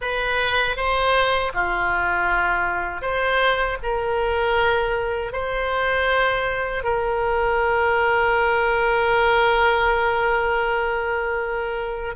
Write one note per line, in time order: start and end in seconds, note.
0.01 0.76 B4
0.76 1.52 C5
1.54 3.01 F4
3.01 3.77 C5
3.83 5.32 A#4
5.32 6.83 C5
6.83 12.15 A#4